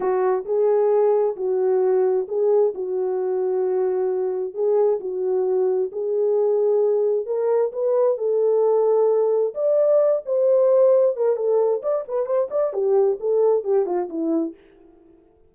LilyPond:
\new Staff \with { instrumentName = "horn" } { \time 4/4 \tempo 4 = 132 fis'4 gis'2 fis'4~ | fis'4 gis'4 fis'2~ | fis'2 gis'4 fis'4~ | fis'4 gis'2. |
ais'4 b'4 a'2~ | a'4 d''4. c''4.~ | c''8 ais'8 a'4 d''8 b'8 c''8 d''8 | g'4 a'4 g'8 f'8 e'4 | }